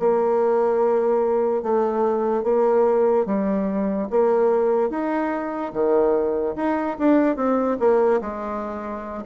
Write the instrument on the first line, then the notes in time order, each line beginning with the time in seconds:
bassoon
0.00 A#3
1.63 A3
2.44 A#3
3.26 G3
4.11 A#3
4.90 D#4
5.73 D#3
6.56 D#4
6.99 D4
7.37 C4
7.80 A#3
8.22 G#3